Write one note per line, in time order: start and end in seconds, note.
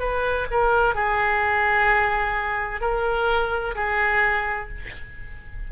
0.00 0.47 B4
0.51 0.95 A#4
0.95 2.81 G#4
2.81 3.75 A#4
3.75 4.69 G#4